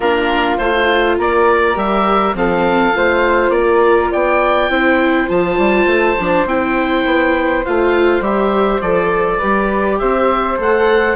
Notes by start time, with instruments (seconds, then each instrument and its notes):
0.00 bassoon A#3, viola D4, flute F4, oboe A#4
0.57 bassoon A3, viola F4, oboe C5
1.17 bassoon A#3, flute A#4, oboe D5
1.74 bassoon G3, viola G4, oboe E5
2.34 bassoon F3, viola C4, flute A4, oboe F5
2.93 bassoon A3, viola F4, flute C5
3.49 bassoon A#3, oboe D5
3.56 flute A#4
4.11 bassoon B3, flute D5, oboe G5
4.69 bassoon C4, viola E4, flute C5
5.27 bassoon F3, viola F4, oboe A5
5.58 bassoon G3
5.85 bassoon A3
6.19 bassoon F3, viola D4
6.45 bassoon C4, viola E4, oboe G5
7.05 bassoon B3
7.65 bassoon A3, viola F4, oboe F5
8.20 bassoon G3, viola G4, oboe E5
8.81 bassoon F3, viola A4, oboe D5
9.37 bassoon G3, viola G4, flute B4
9.98 bassoon C4, flute C5, oboe E5
10.57 bassoon A3, viola A4, oboe F#5